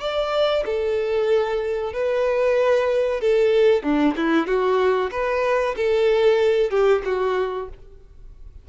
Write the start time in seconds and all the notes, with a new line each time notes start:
0.00 D5
0.65 A4
1.93 B4
3.21 A4
3.82 D4
4.16 E4
4.47 F#4
5.11 B4
5.76 A4
6.70 G4
7.05 F#4